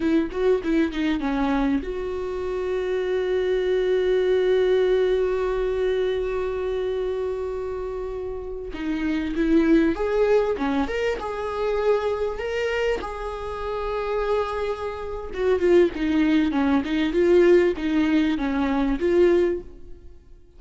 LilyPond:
\new Staff \with { instrumentName = "viola" } { \time 4/4 \tempo 4 = 98 e'8 fis'8 e'8 dis'8 cis'4 fis'4~ | fis'1~ | fis'1~ | fis'2~ fis'16 dis'4 e'8.~ |
e'16 gis'4 cis'8 ais'8 gis'4.~ gis'16~ | gis'16 ais'4 gis'2~ gis'8.~ | gis'4 fis'8 f'8 dis'4 cis'8 dis'8 | f'4 dis'4 cis'4 f'4 | }